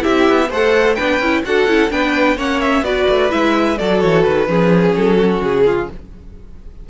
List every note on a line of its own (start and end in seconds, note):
0.00 0.47 E4
0.00 0.49 G4
0.00 0.50 E5
0.06 0.28 C4
0.28 0.50 B3
0.49 0.97 A3
0.49 0.98 A4
0.49 0.96 C5
0.49 0.95 F#5
0.95 1.20 B3
0.95 1.22 D4
0.95 1.43 B4
0.95 1.42 G5
1.20 1.43 C#4
1.20 1.45 E4
1.45 1.67 D4
1.45 1.69 F#4
1.45 1.92 A4
1.45 1.91 F#5
1.67 1.90 C#4
1.67 1.90 E4
1.90 2.37 B3
1.90 2.37 D4
1.90 2.37 B4
1.90 2.38 G5
2.37 2.82 A#3
2.37 2.84 C#4
2.37 2.83 C#5
2.37 2.61 F#5
2.61 2.84 E5
2.82 3.05 B3
2.82 3.30 F#4
2.82 3.78 B4
2.82 3.31 D5
3.09 3.33 A3
3.30 3.80 G#3
3.30 3.77 E4
3.30 3.78 E5
3.78 4.03 F#3
3.78 4.47 F#4
3.78 4.49 A4
3.78 4.00 D5
4.00 4.27 E3
4.00 4.23 C#5
4.23 4.49 D#3
4.23 4.94 B4
4.47 4.96 F3
4.47 5.88 C#4
4.47 5.17 G#4
4.96 5.41 F#3
4.96 5.43 A4
5.17 5.64 F#4
5.41 5.88 C#3
5.41 5.89 G#4
5.66 5.89 F4